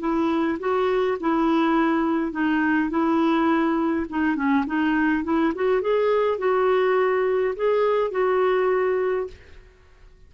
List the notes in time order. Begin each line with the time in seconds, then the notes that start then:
0.00 E4
0.60 F#4
1.20 E4
2.32 D#4
2.90 E4
4.09 D#4
4.36 C#4
4.67 D#4
5.24 E4
5.55 F#4
5.81 G#4
6.38 F#4
7.56 G#4
8.11 F#4